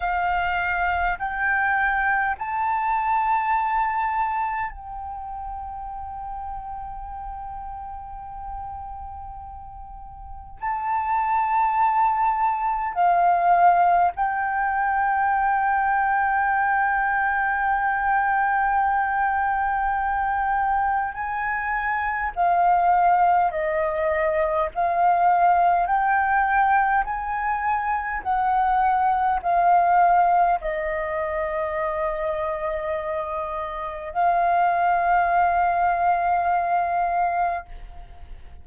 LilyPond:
\new Staff \with { instrumentName = "flute" } { \time 4/4 \tempo 4 = 51 f''4 g''4 a''2 | g''1~ | g''4 a''2 f''4 | g''1~ |
g''2 gis''4 f''4 | dis''4 f''4 g''4 gis''4 | fis''4 f''4 dis''2~ | dis''4 f''2. | }